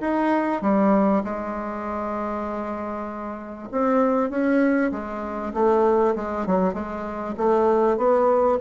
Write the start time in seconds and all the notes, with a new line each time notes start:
0.00 D#4
0.61 G3
1.24 G#3
3.71 C4
4.30 C#4
4.91 G#3
5.53 A3
6.15 G#3
6.46 F#3
6.73 G#3
7.37 A3
7.97 B3